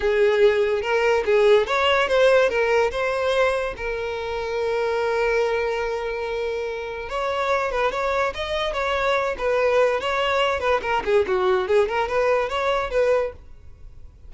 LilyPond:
\new Staff \with { instrumentName = "violin" } { \time 4/4 \tempo 4 = 144 gis'2 ais'4 gis'4 | cis''4 c''4 ais'4 c''4~ | c''4 ais'2.~ | ais'1~ |
ais'4 cis''4. b'8 cis''4 | dis''4 cis''4. b'4. | cis''4. b'8 ais'8 gis'8 fis'4 | gis'8 ais'8 b'4 cis''4 b'4 | }